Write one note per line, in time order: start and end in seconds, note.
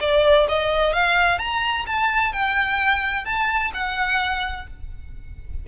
0.00 0.47 D5
0.48 0.92 D#5
0.92 1.38 F5
1.38 1.85 A#5
1.86 2.32 A5
2.32 3.25 G5
3.25 3.71 A5
3.74 4.67 F#5